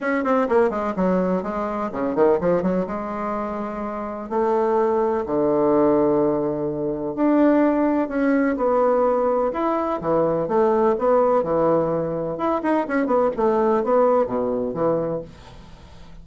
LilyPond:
\new Staff \with { instrumentName = "bassoon" } { \time 4/4 \tempo 4 = 126 cis'8 c'8 ais8 gis8 fis4 gis4 | cis8 dis8 f8 fis8 gis2~ | gis4 a2 d4~ | d2. d'4~ |
d'4 cis'4 b2 | e'4 e4 a4 b4 | e2 e'8 dis'8 cis'8 b8 | a4 b4 b,4 e4 | }